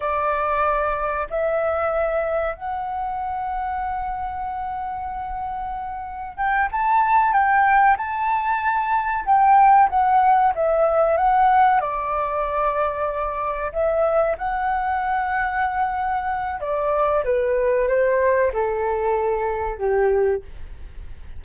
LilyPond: \new Staff \with { instrumentName = "flute" } { \time 4/4 \tempo 4 = 94 d''2 e''2 | fis''1~ | fis''2 g''8 a''4 g''8~ | g''8 a''2 g''4 fis''8~ |
fis''8 e''4 fis''4 d''4.~ | d''4. e''4 fis''4.~ | fis''2 d''4 b'4 | c''4 a'2 g'4 | }